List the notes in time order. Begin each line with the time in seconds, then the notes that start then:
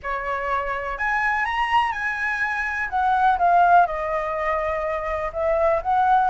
0.02 C#5
0.98 G#5
1.45 A#5
1.91 G#5
2.89 F#5
3.38 F5
3.86 D#5
5.32 E5
5.82 F#5